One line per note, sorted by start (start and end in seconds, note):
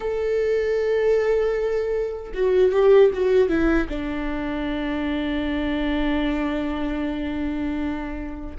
0.00 2.32 A4
2.33 2.72 F#4
2.72 3.11 G4
3.13 3.48 F#4
3.48 3.87 E4
3.88 8.56 D4